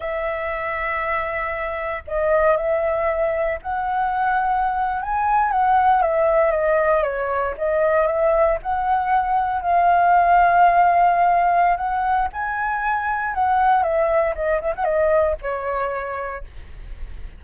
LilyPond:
\new Staff \with { instrumentName = "flute" } { \time 4/4 \tempo 4 = 117 e''1 | dis''4 e''2 fis''4~ | fis''4.~ fis''16 gis''4 fis''4 e''16~ | e''8. dis''4 cis''4 dis''4 e''16~ |
e''8. fis''2 f''4~ f''16~ | f''2. fis''4 | gis''2 fis''4 e''4 | dis''8 e''16 fis''16 dis''4 cis''2 | }